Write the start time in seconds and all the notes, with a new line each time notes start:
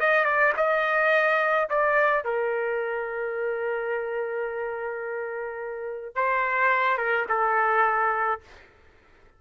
0.00 D#5
0.25 D5
0.57 D#5
1.70 D5
2.25 A#4
6.15 C5
6.98 A#4
7.29 A4